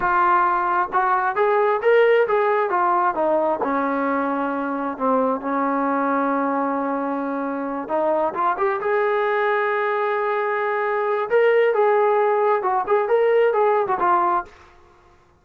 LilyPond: \new Staff \with { instrumentName = "trombone" } { \time 4/4 \tempo 4 = 133 f'2 fis'4 gis'4 | ais'4 gis'4 f'4 dis'4 | cis'2. c'4 | cis'1~ |
cis'4. dis'4 f'8 g'8 gis'8~ | gis'1~ | gis'4 ais'4 gis'2 | fis'8 gis'8 ais'4 gis'8. fis'16 f'4 | }